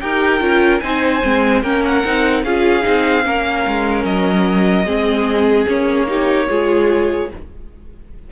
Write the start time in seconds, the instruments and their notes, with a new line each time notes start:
0.00 cello D#4, viola G4, violin A#4 G5
0.40 cello C#4, viola F4
0.80 cello C4, viola D#4, violin C5 G#5
1.23 cello G#3, viola C4
1.62 cello A#3, viola C#4, violin A#4 G5
1.84 violin F#5
2.04 cello C4, viola D#4
2.43 cello C#4, viola F4, violin G#4 F5
2.81 cello C4, viola D#4
3.23 cello A#3, viola C#4, violin A#4
3.67 cello G#3
4.04 cello F#3, violin D#5
4.85 cello G#3, viola C4, violin G#4
5.67 cello A#3, viola C#4, violin C#5
6.07 viola D#4, violin G4
6.48 cello G#3, viola F4, violin G#4